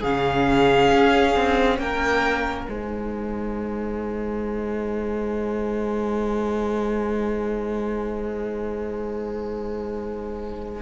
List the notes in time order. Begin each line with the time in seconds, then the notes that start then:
0.00 C#3 C#4 G#4 F5
0.92 C#4
1.36 C4
1.78 A#3 A#4 G5
2.65 G#3 D#4 C5 G#5